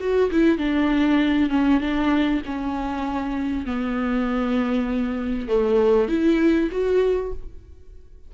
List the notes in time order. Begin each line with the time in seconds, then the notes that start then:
0.00 F#4
0.31 E4
0.58 D4
1.50 C#4
1.81 D4
2.46 C#4
3.65 B3
5.48 A3
6.08 E4
6.71 F#4